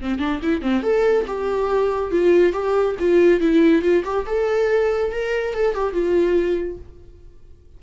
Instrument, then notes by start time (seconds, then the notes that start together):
viola
0.00 C4
0.19 D4
0.42 E4
0.61 C4
0.83 A4
1.26 G4
2.11 F4
2.52 G4
2.99 F4
3.40 E4
3.81 F4
4.04 G4
4.26 A4
5.11 A#4
5.54 A4
5.74 G4
5.92 F4